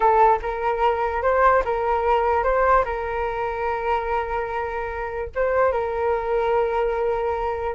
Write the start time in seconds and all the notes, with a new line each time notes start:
0.00 A4
0.42 A#4
1.22 C5
1.64 A#4
2.43 C5
2.84 A#4
5.35 C5
5.71 A#4